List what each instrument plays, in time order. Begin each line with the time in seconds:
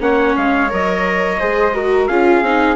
0.00 bassoon A#3, viola C#4, flute C#5, trumpet F#5
0.36 bassoon G#3, trumpet F5
0.69 bassoon F#3, viola A#4, trumpet D#5
1.39 bassoon G#3, viola G#4, flute C5
1.74 viola F#4, flute A#4
2.07 bassoon C#4, viola F4, flute G#4, trumpet F5
2.42 bassoon C4, viola D#4